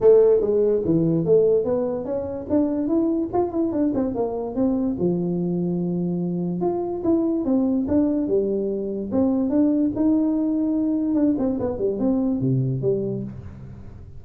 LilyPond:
\new Staff \with { instrumentName = "tuba" } { \time 4/4 \tempo 4 = 145 a4 gis4 e4 a4 | b4 cis'4 d'4 e'4 | f'8 e'8 d'8 c'8 ais4 c'4 | f1 |
f'4 e'4 c'4 d'4 | g2 c'4 d'4 | dis'2. d'8 c'8 | b8 g8 c'4 c4 g4 | }